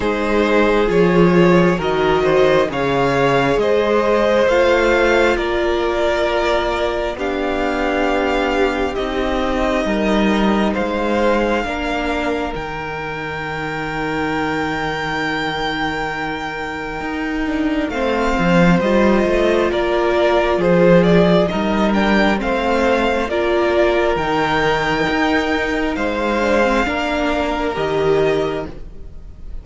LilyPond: <<
  \new Staff \with { instrumentName = "violin" } { \time 4/4 \tempo 4 = 67 c''4 cis''4 dis''4 f''4 | dis''4 f''4 d''2 | f''2 dis''2 | f''2 g''2~ |
g''1 | f''4 dis''4 d''4 c''8 d''8 | dis''8 g''8 f''4 d''4 g''4~ | g''4 f''2 dis''4 | }
  \new Staff \with { instrumentName = "violin" } { \time 4/4 gis'2 ais'8 c''8 cis''4 | c''2 ais'2 | g'2. ais'4 | c''4 ais'2.~ |
ais'1 | c''2 ais'4 gis'4 | ais'4 c''4 ais'2~ | ais'4 c''4 ais'2 | }
  \new Staff \with { instrumentName = "viola" } { \time 4/4 dis'4 f'4 fis'4 gis'4~ | gis'4 f'2. | d'2 dis'2~ | dis'4 d'4 dis'2~ |
dis'2.~ dis'8 d'8 | c'4 f'2. | dis'8 d'8 c'4 f'4 dis'4~ | dis'4. d'16 c'16 d'4 g'4 | }
  \new Staff \with { instrumentName = "cello" } { \time 4/4 gis4 f4 dis4 cis4 | gis4 a4 ais2 | b2 c'4 g4 | gis4 ais4 dis2~ |
dis2. dis'4 | a8 f8 g8 a8 ais4 f4 | g4 a4 ais4 dis4 | dis'4 gis4 ais4 dis4 | }
>>